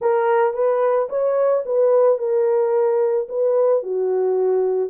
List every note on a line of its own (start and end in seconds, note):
0.01 0.53 A#4
0.53 1.08 B4
1.09 1.63 C#5
1.65 2.18 B4
2.18 3.27 A#4
3.29 3.82 B4
3.82 4.89 F#4